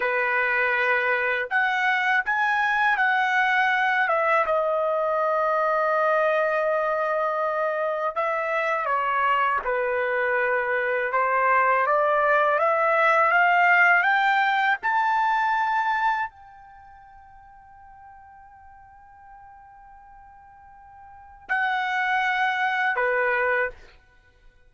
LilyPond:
\new Staff \with { instrumentName = "trumpet" } { \time 4/4 \tempo 4 = 81 b'2 fis''4 gis''4 | fis''4. e''8 dis''2~ | dis''2. e''4 | cis''4 b'2 c''4 |
d''4 e''4 f''4 g''4 | a''2 g''2~ | g''1~ | g''4 fis''2 b'4 | }